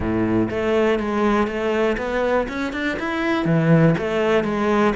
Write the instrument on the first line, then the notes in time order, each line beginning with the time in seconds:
cello
0.00 A2
0.50 A3
0.99 G#3
1.47 A3
1.97 B3
2.48 C#4
2.72 D4
2.99 E4
3.45 E3
3.98 A3
4.44 G#3